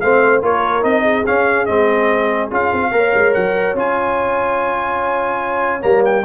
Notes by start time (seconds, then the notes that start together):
0.00 A3 C4 C5 F5
0.42 A#3 F4 A#4 C#5
0.82 C4 D#4 D#5
1.02 G#4
1.26 C#4 F5
1.66 G#3 C4 D#5
2.50 C#4 F4 F5
2.72 C4
2.91 A#3 A#4 C#5
3.14 G#3
3.34 F#3 F#5
3.74 C#4 F4 G#5
5.81 G3 A#3 A#5
6.05 G5